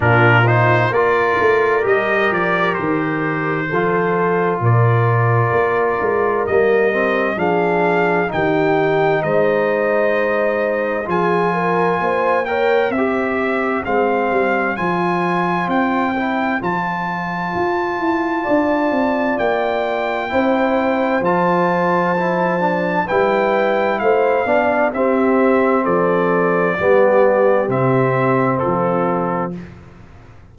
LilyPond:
<<
  \new Staff \with { instrumentName = "trumpet" } { \time 4/4 \tempo 4 = 65 ais'8 c''8 d''4 dis''8 d''8 c''4~ | c''4 d''2 dis''4 | f''4 g''4 dis''2 | gis''4. g''8 e''4 f''4 |
gis''4 g''4 a''2~ | a''4 g''2 a''4~ | a''4 g''4 f''4 e''4 | d''2 e''4 a'4 | }
  \new Staff \with { instrumentName = "horn" } { \time 4/4 f'4 ais'2. | a'4 ais'2. | gis'4 g'4 c''2 | gis'8 ais'8 c''8 cis''8 c''2~ |
c''1 | d''2 c''2~ | c''4 b'4 c''8 d''8 g'4 | a'4 g'2 f'4 | }
  \new Staff \with { instrumentName = "trombone" } { \time 4/4 d'8 dis'8 f'4 g'2 | f'2. ais8 c'8 | d'4 dis'2. | f'4. ais'8 g'4 c'4 |
f'4. e'8 f'2~ | f'2 e'4 f'4 | e'8 d'8 e'4. d'8 c'4~ | c'4 b4 c'2 | }
  \new Staff \with { instrumentName = "tuba" } { \time 4/4 ais,4 ais8 a8 g8 f8 dis4 | f4 ais,4 ais8 gis8 g4 | f4 dis4 gis2 | f4 ais4 c'4 gis8 g8 |
f4 c'4 f4 f'8 e'8 | d'8 c'8 ais4 c'4 f4~ | f4 g4 a8 b8 c'4 | f4 g4 c4 f4 | }
>>